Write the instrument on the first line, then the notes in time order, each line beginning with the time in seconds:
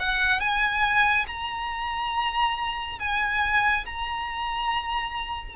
violin
0.00 F#5
0.40 G#5
1.28 A#5
3.00 G#5
3.86 A#5